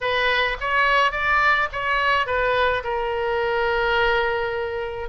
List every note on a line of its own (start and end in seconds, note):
0.00 0.57 B4
0.60 1.11 C#5
1.11 1.68 D5
1.72 2.26 C#5
2.26 2.83 B4
2.83 5.09 A#4